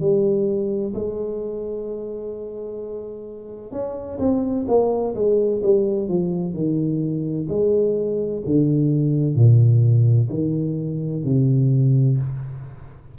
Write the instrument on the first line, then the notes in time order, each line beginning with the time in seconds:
tuba
0.00 G3
0.95 G#3
3.72 C#4
4.19 C4
4.68 A#3
5.15 G#3
5.63 G3
6.09 F3
6.54 D#3
7.49 G#3
8.46 D3
9.35 A#2
10.30 D#3
11.24 C3